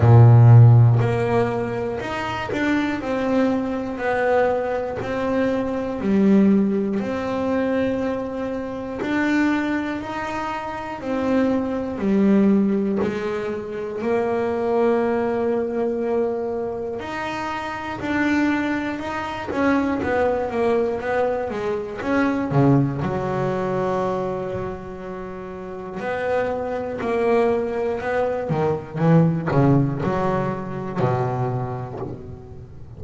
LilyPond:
\new Staff \with { instrumentName = "double bass" } { \time 4/4 \tempo 4 = 60 ais,4 ais4 dis'8 d'8 c'4 | b4 c'4 g4 c'4~ | c'4 d'4 dis'4 c'4 | g4 gis4 ais2~ |
ais4 dis'4 d'4 dis'8 cis'8 | b8 ais8 b8 gis8 cis'8 cis8 fis4~ | fis2 b4 ais4 | b8 dis8 e8 cis8 fis4 b,4 | }